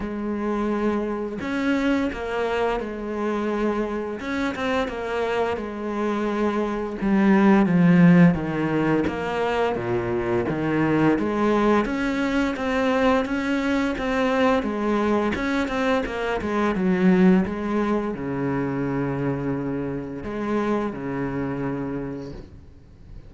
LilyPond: \new Staff \with { instrumentName = "cello" } { \time 4/4 \tempo 4 = 86 gis2 cis'4 ais4 | gis2 cis'8 c'8 ais4 | gis2 g4 f4 | dis4 ais4 ais,4 dis4 |
gis4 cis'4 c'4 cis'4 | c'4 gis4 cis'8 c'8 ais8 gis8 | fis4 gis4 cis2~ | cis4 gis4 cis2 | }